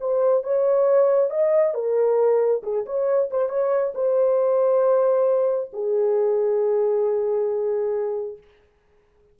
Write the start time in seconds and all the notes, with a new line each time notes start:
0.00 C5
0.43 C#5
1.30 D#5
1.74 A#4
2.63 G#4
2.86 C#5
3.30 C5
3.49 C#5
3.94 C5
5.73 G#4